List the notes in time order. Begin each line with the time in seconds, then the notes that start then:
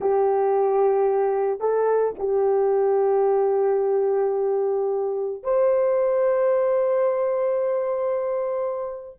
0.00 G4
1.59 A4
2.18 G4
5.43 C5